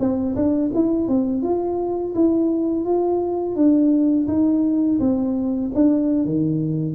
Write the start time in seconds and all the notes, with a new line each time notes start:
0.00 C4
0.36 D4
0.75 E4
1.08 C4
1.43 F4
2.15 E4
2.85 F4
3.56 D4
4.28 D#4
5.00 C4
5.75 D4
6.25 D#3